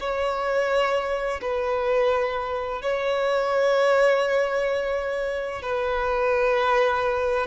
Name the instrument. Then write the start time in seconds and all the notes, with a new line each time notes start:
violin
0.00 C#5
1.41 B4
2.82 C#5
5.62 B4